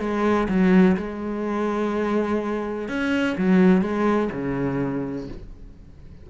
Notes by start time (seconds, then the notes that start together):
0.00 G#3
0.49 F#3
0.97 G#3
2.89 C#4
3.38 F#3
3.82 G#3
4.33 C#3